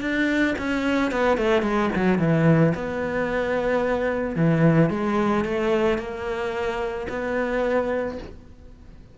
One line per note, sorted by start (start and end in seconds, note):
0.00 0.55 D4
0.58 1.11 C#4
1.11 1.37 B3
1.37 1.62 A3
1.62 1.89 G#3
1.95 2.18 F#3
2.18 2.73 E3
2.74 4.35 B3
4.35 4.90 E3
4.90 5.44 G#3
5.44 5.98 A3
5.98 7.07 A#3
7.09 8.18 B3